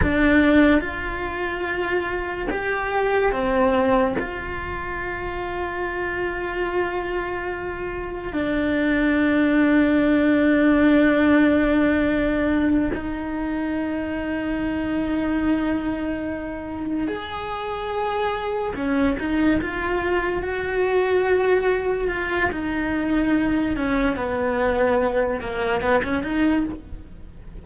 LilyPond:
\new Staff \with { instrumentName = "cello" } { \time 4/4 \tempo 4 = 72 d'4 f'2 g'4 | c'4 f'2.~ | f'2 d'2~ | d'2.~ d'8 dis'8~ |
dis'1~ | dis'8 gis'2 cis'8 dis'8 f'8~ | f'8 fis'2 f'8 dis'4~ | dis'8 cis'8 b4. ais8 b16 cis'16 dis'8 | }